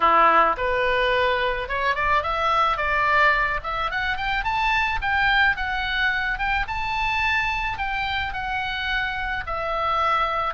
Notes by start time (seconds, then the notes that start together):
0.00 E4
0.57 B4
1.68 C#5
1.95 D5
2.22 E5
2.77 D5
3.63 E5
3.90 F#5
4.16 G5
4.43 A5
5.01 G5
5.56 F#5
6.38 G5
6.67 A5
7.78 G5
8.33 F#5
9.46 E5